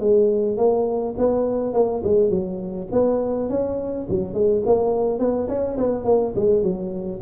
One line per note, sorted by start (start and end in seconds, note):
0.00 0.57 G#3
0.57 1.15 A#3
1.18 1.74 B3
1.74 2.02 A#3
2.04 2.30 G#3
2.30 2.88 F#3
2.92 3.49 B3
3.49 4.07 C#4
4.09 4.34 F#3
4.34 4.63 G#3
4.66 5.19 A#3
5.19 5.48 B3
5.48 5.77 C#4
5.77 6.05 B3
6.05 6.34 A#3
6.36 6.63 G#3
6.63 7.20 F#3